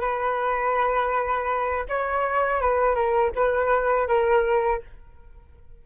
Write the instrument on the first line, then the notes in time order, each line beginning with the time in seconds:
flute
0.00 B4
1.88 C#5
2.61 B4
2.94 A#4
3.35 B4
4.07 A#4